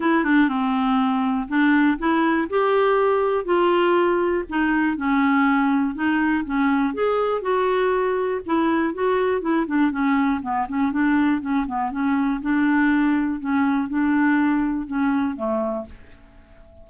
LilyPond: \new Staff \with { instrumentName = "clarinet" } { \time 4/4 \tempo 4 = 121 e'8 d'8 c'2 d'4 | e'4 g'2 f'4~ | f'4 dis'4 cis'2 | dis'4 cis'4 gis'4 fis'4~ |
fis'4 e'4 fis'4 e'8 d'8 | cis'4 b8 cis'8 d'4 cis'8 b8 | cis'4 d'2 cis'4 | d'2 cis'4 a4 | }